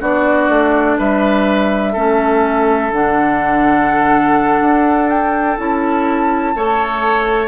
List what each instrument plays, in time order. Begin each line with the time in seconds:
0.00 bassoon B3, clarinet D4, oboe F#4, flute D5
0.49 bassoon A3
0.98 bassoon G3, oboe B4, flute E5
1.92 bassoon A3, clarinet C#4, oboe A4
2.91 bassoon D3, clarinet D4, flute F#5
4.60 bassoon D4
5.09 flute G5
5.58 bassoon C#4, clarinet E4, flute A5
6.55 bassoon A3, clarinet A4, oboe C#5